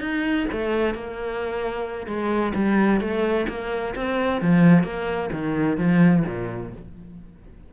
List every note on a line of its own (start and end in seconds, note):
0.00 0.46 D#4
0.52 0.95 A3
0.95 2.06 A#3
2.06 2.53 G#3
2.54 3.00 G3
3.00 3.47 A3
3.48 3.95 A#3
3.95 4.41 C4
4.41 4.84 F3
4.84 5.30 A#3
5.32 5.77 D#3
5.77 6.23 F3
6.26 6.73 A#2